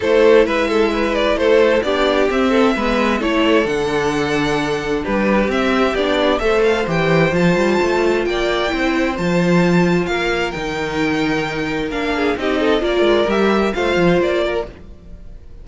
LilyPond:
<<
  \new Staff \with { instrumentName = "violin" } { \time 4/4 \tempo 4 = 131 c''4 e''4. d''8 c''4 | d''4 e''2 cis''4 | fis''2. b'4 | e''4 d''4 e''8 f''8 g''4 |
a''2 g''2 | a''2 f''4 g''4~ | g''2 f''4 dis''4 | d''4 e''4 f''4 d''4 | }
  \new Staff \with { instrumentName = "violin" } { \time 4/4 a'4 b'8 a'8 b'4 a'4 | g'4. a'8 b'4 a'4~ | a'2. g'4~ | g'2 c''2~ |
c''2 d''4 c''4~ | c''2 ais'2~ | ais'2~ ais'8 gis'8 g'8 a'8 | ais'2 c''4. ais'8 | }
  \new Staff \with { instrumentName = "viola" } { \time 4/4 e'1 | d'4 c'4 b4 e'4 | d'1 | c'4 d'4 a'4 g'4 |
f'2. e'4 | f'2. dis'4~ | dis'2 d'4 dis'4 | f'4 g'4 f'2 | }
  \new Staff \with { instrumentName = "cello" } { \time 4/4 a4 gis2 a4 | b4 c'4 gis4 a4 | d2. g4 | c'4 b4 a4 e4 |
f8 g8 a4 ais4 c'4 | f2 ais4 dis4~ | dis2 ais4 c'4 | ais8 gis8 g4 a8 f8 ais4 | }
>>